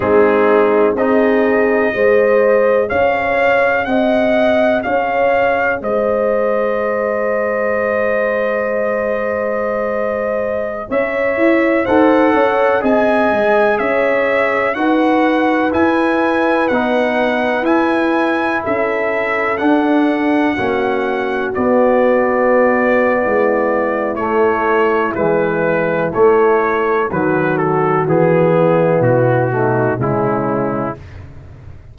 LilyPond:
<<
  \new Staff \with { instrumentName = "trumpet" } { \time 4/4 \tempo 4 = 62 gis'4 dis''2 f''4 | fis''4 f''4 dis''2~ | dis''2.~ dis''16 e''8.~ | e''16 fis''4 gis''4 e''4 fis''8.~ |
fis''16 gis''4 fis''4 gis''4 e''8.~ | e''16 fis''2 d''4.~ d''16~ | d''4 cis''4 b'4 cis''4 | b'8 a'8 gis'4 fis'4 e'4 | }
  \new Staff \with { instrumentName = "horn" } { \time 4/4 dis'4 gis'4 c''4 cis''4 | dis''4 cis''4 c''2~ | c''2.~ c''16 cis''8.~ | cis''16 c''8 cis''8 dis''4 cis''4 b'8.~ |
b'2.~ b'16 a'8.~ | a'4~ a'16 fis'2~ fis'8. | e'1 | fis'4. e'4 dis'8 cis'4 | }
  \new Staff \with { instrumentName = "trombone" } { \time 4/4 c'4 dis'4 gis'2~ | gis'1~ | gis'1~ | gis'16 a'4 gis'2 fis'8.~ |
fis'16 e'4 dis'4 e'4.~ e'16~ | e'16 d'4 cis'4 b4.~ b16~ | b4 a4 e4 a4 | fis4 b4. a8 gis4 | }
  \new Staff \with { instrumentName = "tuba" } { \time 4/4 gis4 c'4 gis4 cis'4 | c'4 cis'4 gis2~ | gis2.~ gis16 cis'8 e'16~ | e'16 dis'8 cis'8 c'8 gis8 cis'4 dis'8.~ |
dis'16 e'4 b4 e'4 cis'8.~ | cis'16 d'4 ais4 b4.~ b16 | gis4 a4 gis4 a4 | dis4 e4 b,4 cis4 | }
>>